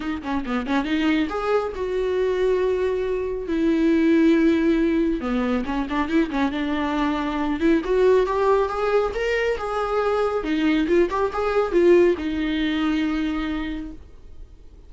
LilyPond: \new Staff \with { instrumentName = "viola" } { \time 4/4 \tempo 4 = 138 dis'8 cis'8 b8 cis'8 dis'4 gis'4 | fis'1 | e'1 | b4 cis'8 d'8 e'8 cis'8 d'4~ |
d'4. e'8 fis'4 g'4 | gis'4 ais'4 gis'2 | dis'4 f'8 g'8 gis'4 f'4 | dis'1 | }